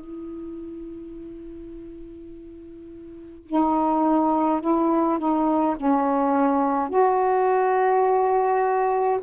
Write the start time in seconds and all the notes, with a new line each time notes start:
0.00 E4
3.47 D#4
4.61 E4
5.19 D#4
5.76 C#4
6.89 F#4